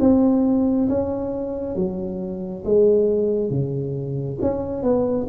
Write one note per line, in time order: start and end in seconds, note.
0.00 0.88 C4
0.89 1.75 C#4
1.75 2.64 F#3
2.65 3.50 G#3
3.50 4.38 C#3
4.41 4.82 C#4
4.82 5.27 B3